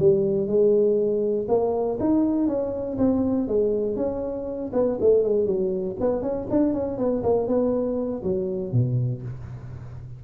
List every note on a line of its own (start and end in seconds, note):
0.00 0.47 G3
0.47 1.47 G#3
1.49 1.99 A#3
2.00 2.48 D#4
2.48 2.98 C#4
2.98 3.48 C4
3.48 3.97 G#3
3.97 4.72 C#4
4.74 4.99 B3
5.01 5.24 A3
5.24 5.47 G#3
5.47 5.97 F#3
6.00 6.22 B3
6.22 6.47 C#4
6.51 6.74 D4
6.74 6.98 C#4
6.98 7.23 B3
7.24 7.48 A#3
7.48 8.23 B3
8.24 8.73 F#3
8.73 9.23 B2